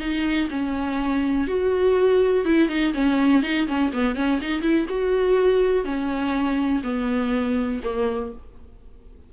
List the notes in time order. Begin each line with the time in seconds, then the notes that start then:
0.00 D#4
0.50 C#4
1.47 F#4
2.45 E4
2.69 D#4
2.94 C#4
3.43 D#4
3.67 C#4
3.93 B3
4.15 C#4
4.41 D#4
4.62 E4
4.89 F#4
5.85 C#4
6.83 B3
7.84 A#3